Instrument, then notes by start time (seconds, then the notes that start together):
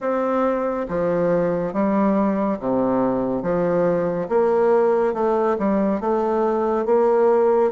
bassoon
0.00 C4
0.88 F3
1.73 G3
2.59 C3
3.42 F3
4.29 A#3
5.14 A3
5.58 G3
6.00 A3
6.85 A#3